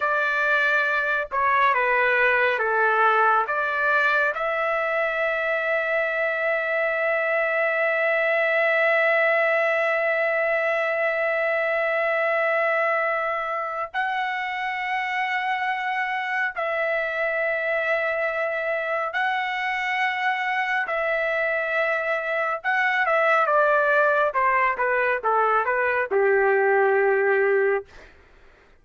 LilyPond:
\new Staff \with { instrumentName = "trumpet" } { \time 4/4 \tempo 4 = 69 d''4. cis''8 b'4 a'4 | d''4 e''2.~ | e''1~ | e''1 |
fis''2. e''4~ | e''2 fis''2 | e''2 fis''8 e''8 d''4 | c''8 b'8 a'8 b'8 g'2 | }